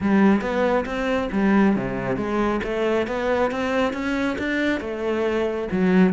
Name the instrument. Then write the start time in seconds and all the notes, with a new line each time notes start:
cello
0.00 G3
0.41 B3
0.85 C4
1.32 G3
1.75 C3
2.16 G#3
2.63 A3
3.07 B3
3.51 C4
3.93 C#4
4.38 D4
4.80 A3
5.71 F#3